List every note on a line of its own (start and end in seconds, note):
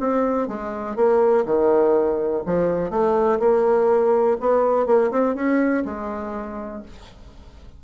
0.00 0.48 C4
0.48 0.96 G#3
0.96 1.45 A#3
1.45 2.43 D#3
2.46 2.90 F3
2.90 3.39 A3
3.39 4.37 A#3
4.40 4.86 B3
4.86 5.11 A#3
5.11 5.35 C4
5.35 5.84 C#4
5.85 6.82 G#3